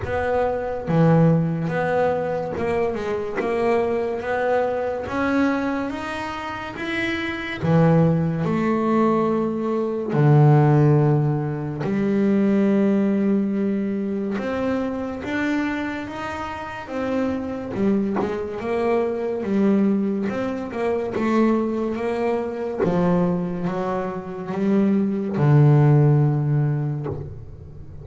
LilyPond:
\new Staff \with { instrumentName = "double bass" } { \time 4/4 \tempo 4 = 71 b4 e4 b4 ais8 gis8 | ais4 b4 cis'4 dis'4 | e'4 e4 a2 | d2 g2~ |
g4 c'4 d'4 dis'4 | c'4 g8 gis8 ais4 g4 | c'8 ais8 a4 ais4 f4 | fis4 g4 d2 | }